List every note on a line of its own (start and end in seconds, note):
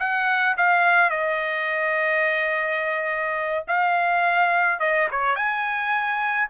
0.00 0.57 F#5
0.58 1.11 F5
1.11 3.65 D#5
3.68 4.80 F5
4.80 5.08 D#5
5.12 5.36 C#5
5.36 6.49 G#5